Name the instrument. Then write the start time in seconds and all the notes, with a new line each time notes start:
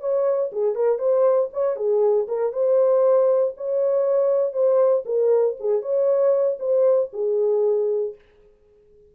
horn
0.00 C#5
0.52 G#4
0.75 A#4
0.98 C5
1.53 C#5
1.76 G#4
2.28 A#4
2.52 C5
3.57 C#5
4.53 C5
5.05 A#4
5.60 G#4
5.82 C#5
6.59 C5
7.13 G#4